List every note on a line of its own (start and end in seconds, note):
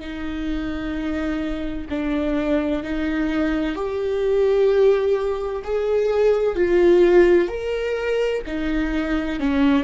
0.00 1.87 D#4
1.90 2.83 D4
2.83 3.75 D#4
3.75 5.63 G4
5.64 6.56 G#4
6.56 7.49 F4
7.49 8.42 A#4
8.47 9.40 D#4
9.40 9.84 C#4